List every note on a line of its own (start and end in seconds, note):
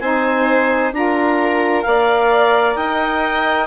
0.00 0.92 C4
0.00 0.94 D#4
0.00 0.93 C5
0.00 0.92 G#5
0.92 1.85 D4
0.92 1.83 F4
0.92 1.87 A#4
0.92 1.82 A#5
1.82 2.76 A#3
1.82 3.67 A#4
1.82 2.77 D5
1.82 2.75 F5
2.76 3.67 D#4
2.76 3.67 D#5
2.76 3.67 G5